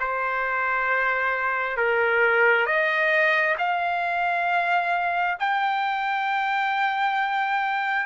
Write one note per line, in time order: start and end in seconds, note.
0.00 1.77 C5
1.77 2.66 A#4
2.66 3.56 D#5
3.58 5.37 F5
5.40 8.06 G5